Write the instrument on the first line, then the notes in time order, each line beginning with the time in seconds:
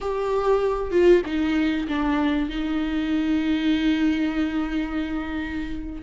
viola
0.00 G4
0.91 F4
1.25 D#4
1.88 D4
2.49 D#4